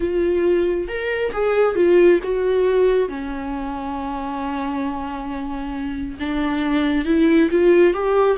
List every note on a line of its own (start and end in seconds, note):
0.00 0.87 F4
0.87 1.32 A#4
1.32 1.75 G#4
1.75 2.19 F4
2.23 3.08 F#4
3.08 6.17 C#4
6.19 7.05 D4
7.05 7.49 E4
7.50 7.93 F4
7.93 8.37 G4